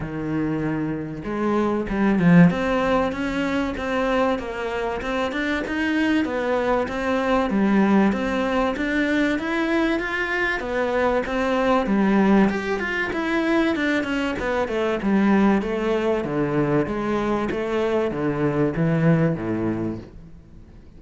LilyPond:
\new Staff \with { instrumentName = "cello" } { \time 4/4 \tempo 4 = 96 dis2 gis4 g8 f8 | c'4 cis'4 c'4 ais4 | c'8 d'8 dis'4 b4 c'4 | g4 c'4 d'4 e'4 |
f'4 b4 c'4 g4 | g'8 f'8 e'4 d'8 cis'8 b8 a8 | g4 a4 d4 gis4 | a4 d4 e4 a,4 | }